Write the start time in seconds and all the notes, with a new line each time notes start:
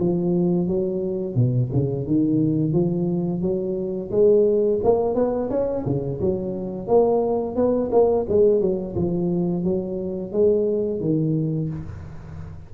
0.00 F3
0.68 F#3
1.35 B2
1.73 C#3
2.07 D#3
2.73 F3
3.42 F#3
4.11 G#3
4.84 A#3
5.15 B3
5.51 C#4
5.86 C#3
6.21 F#3
6.88 A#3
7.56 B3
7.92 A#3
8.29 G#3
8.61 F#3
8.96 F3
9.65 F#3
10.33 G#3
11.01 D#3